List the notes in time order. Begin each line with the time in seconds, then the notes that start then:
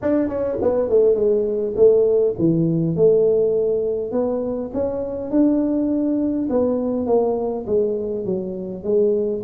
0.02 D4
0.28 C#4
0.61 B3
0.89 A3
1.14 G#3
1.76 A3
2.38 E3
2.96 A3
4.11 B3
4.73 C#4
5.30 D4
6.49 B3
7.06 A#3
7.66 G#3
8.25 F#3
8.83 G#3